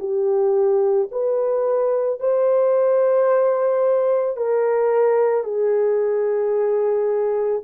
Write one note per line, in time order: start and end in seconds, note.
0.00 1.09 G4
1.12 2.20 B4
2.20 4.37 C5
4.37 5.44 A#4
5.44 7.63 G#4